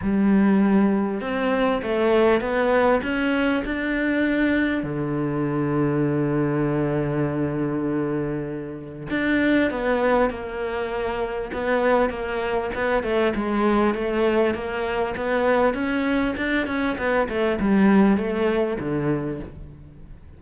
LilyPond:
\new Staff \with { instrumentName = "cello" } { \time 4/4 \tempo 4 = 99 g2 c'4 a4 | b4 cis'4 d'2 | d1~ | d2. d'4 |
b4 ais2 b4 | ais4 b8 a8 gis4 a4 | ais4 b4 cis'4 d'8 cis'8 | b8 a8 g4 a4 d4 | }